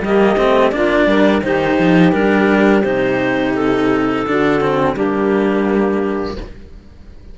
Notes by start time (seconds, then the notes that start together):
0.00 G3 A#3 G4 D#5
0.37 A3 C4
0.71 A#3 D4 F4 D5
1.06 G3 A#4
1.42 D#3 D#4 G4 C5
1.79 F3
2.12 G3 D4 A#4
2.82 C3 D#4 C5
3.55 A4
4.27 D3 D4 F#4
4.61 C4
4.94 G3 A#3 D4 G4